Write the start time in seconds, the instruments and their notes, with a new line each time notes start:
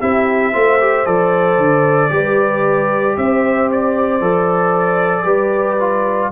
0.00 tuba C4, trombone E4, horn G4, trumpet E5
0.53 tuba A3, trombone F4, horn C5
0.80 trombone G4
1.06 tuba F3, trombone A4, trumpet D5
1.58 tuba D3
2.10 tuba G3, trombone G4, horn B4
3.18 tuba C4, horn C5, trumpet E5
3.72 trumpet D5
4.21 tuba F3, trombone A4
5.25 tuba G3, trombone G4, horn B4
5.80 trombone F4